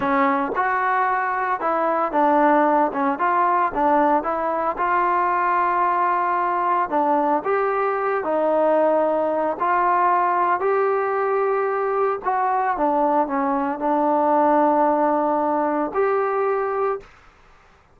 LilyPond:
\new Staff \with { instrumentName = "trombone" } { \time 4/4 \tempo 4 = 113 cis'4 fis'2 e'4 | d'4. cis'8 f'4 d'4 | e'4 f'2.~ | f'4 d'4 g'4. dis'8~ |
dis'2 f'2 | g'2. fis'4 | d'4 cis'4 d'2~ | d'2 g'2 | }